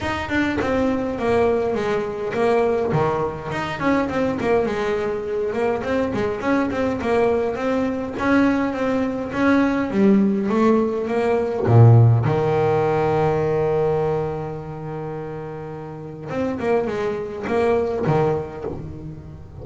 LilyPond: \new Staff \with { instrumentName = "double bass" } { \time 4/4 \tempo 4 = 103 dis'8 d'8 c'4 ais4 gis4 | ais4 dis4 dis'8 cis'8 c'8 ais8 | gis4. ais8 c'8 gis8 cis'8 c'8 | ais4 c'4 cis'4 c'4 |
cis'4 g4 a4 ais4 | ais,4 dis2.~ | dis1 | c'8 ais8 gis4 ais4 dis4 | }